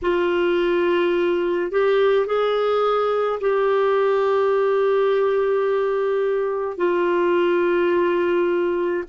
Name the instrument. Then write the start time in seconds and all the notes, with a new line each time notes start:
clarinet
0.02 F4
1.71 G4
2.26 G#4
3.40 G4
6.77 F4